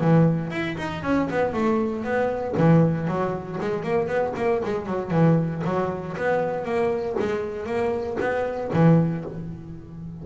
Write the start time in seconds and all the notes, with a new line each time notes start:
0.00 E3
0.50 E4
0.77 D#4
1.03 C#4
1.30 B3
1.53 A3
2.04 B3
2.57 E3
3.07 F#3
3.60 G#3
3.83 A#3
4.07 B3
4.36 A#3
4.64 G#3
4.86 F#3
5.10 E3
5.64 F#3
6.17 B3
6.64 A#3
7.19 G#3
7.65 A#3
8.20 B3
8.73 E3